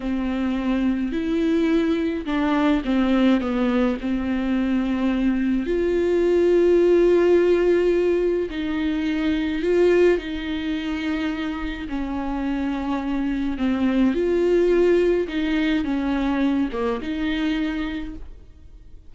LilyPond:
\new Staff \with { instrumentName = "viola" } { \time 4/4 \tempo 4 = 106 c'2 e'2 | d'4 c'4 b4 c'4~ | c'2 f'2~ | f'2. dis'4~ |
dis'4 f'4 dis'2~ | dis'4 cis'2. | c'4 f'2 dis'4 | cis'4. ais8 dis'2 | }